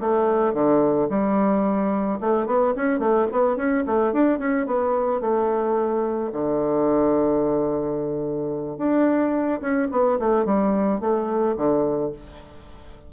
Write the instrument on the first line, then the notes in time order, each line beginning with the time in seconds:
bassoon
0.00 A3
0.53 D3
1.09 G3
2.20 A3
2.46 B3
2.76 C#4
2.99 A3
3.32 B3
3.57 C#4
3.86 A3
4.13 D4
4.39 C#4
4.66 B3
5.21 A3
6.32 D3
8.78 D4
9.61 C#4
9.91 B3
10.19 A3
10.45 G3
11.00 A3
11.57 D3